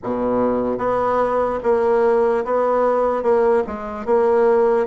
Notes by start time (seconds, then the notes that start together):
0.03 B2
0.77 B3
1.63 A#3
2.44 B3
3.22 A#3
3.67 G#3
4.05 A#3